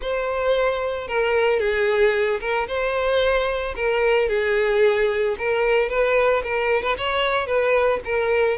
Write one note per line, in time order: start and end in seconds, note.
0.01 1.07 C5
1.07 1.59 A#4
1.59 2.40 G#4
2.40 2.67 A#4
2.67 3.75 C5
3.76 4.29 A#4
4.29 5.36 G#4
5.38 5.89 A#4
5.89 6.43 B4
6.43 6.83 A#4
6.83 6.96 B4
6.97 7.46 C#5
7.46 8.00 B4
8.05 8.57 A#4